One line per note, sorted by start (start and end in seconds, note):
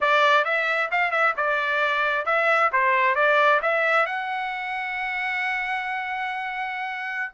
0.01 0.44 D5
0.44 0.90 E5
0.91 1.11 F5
1.11 1.33 E5
1.37 2.25 D5
2.25 2.70 E5
2.72 3.15 C5
3.15 3.60 D5
3.62 4.06 E5
4.06 7.33 F#5